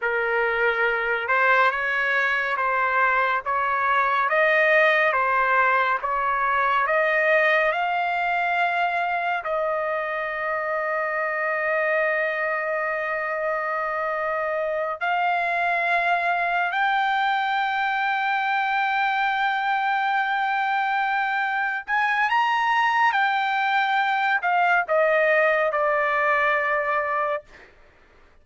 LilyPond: \new Staff \with { instrumentName = "trumpet" } { \time 4/4 \tempo 4 = 70 ais'4. c''8 cis''4 c''4 | cis''4 dis''4 c''4 cis''4 | dis''4 f''2 dis''4~ | dis''1~ |
dis''4. f''2 g''8~ | g''1~ | g''4. gis''8 ais''4 g''4~ | g''8 f''8 dis''4 d''2 | }